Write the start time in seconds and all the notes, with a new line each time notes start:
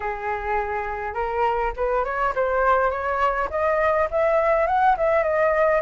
0.00 G#4
1.14 A#4
1.76 B4
2.04 C#5
2.35 C5
2.90 C#5
3.50 D#5
4.10 E5
4.67 F#5
4.97 E5
5.23 D#5